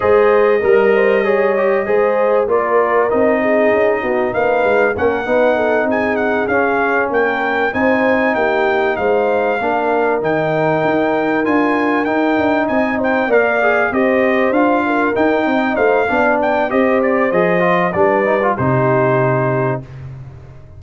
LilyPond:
<<
  \new Staff \with { instrumentName = "trumpet" } { \time 4/4 \tempo 4 = 97 dis''1 | d''4 dis''2 f''4 | fis''4. gis''8 fis''8 f''4 g''8~ | g''8 gis''4 g''4 f''4.~ |
f''8 g''2 gis''4 g''8~ | g''8 gis''8 g''8 f''4 dis''4 f''8~ | f''8 g''4 f''4 g''8 dis''8 d''8 | dis''4 d''4 c''2 | }
  \new Staff \with { instrumentName = "horn" } { \time 4/4 c''4 ais'8 c''8 cis''4 c''4 | ais'4. gis'4 fis'8 b'4 | ais'8 b'8 a'8 gis'2 ais'8~ | ais'8 c''4 g'4 c''4 ais'8~ |
ais'1~ | ais'8 dis''8 c''8 d''4 c''4. | ais'4 dis''8 c''8 d''4 c''4~ | c''4 b'4 g'2 | }
  \new Staff \with { instrumentName = "trombone" } { \time 4/4 gis'4 ais'4 gis'8 g'8 gis'4 | f'4 dis'2. | cis'8 dis'2 cis'4.~ | cis'8 dis'2. d'8~ |
d'8 dis'2 f'4 dis'8~ | dis'4. ais'8 gis'8 g'4 f'8~ | f'8 dis'4. d'4 g'4 | gis'8 f'8 d'8 dis'16 f'16 dis'2 | }
  \new Staff \with { instrumentName = "tuba" } { \time 4/4 gis4 g2 gis4 | ais4 c'4 cis'8 b8 ais8 gis8 | ais8 b4 c'4 cis'4 ais8~ | ais8 c'4 ais4 gis4 ais8~ |
ais8 dis4 dis'4 d'4 dis'8 | d'8 c'4 ais4 c'4 d'8~ | d'8 dis'8 c'8 a8 b4 c'4 | f4 g4 c2 | }
>>